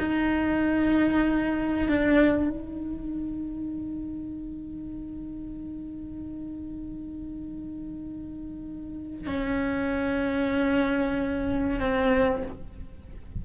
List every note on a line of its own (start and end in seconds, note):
0.00 1.89 D#4
1.89 2.50 D4
2.50 9.27 D#4
9.27 11.80 C#4
11.80 12.43 C4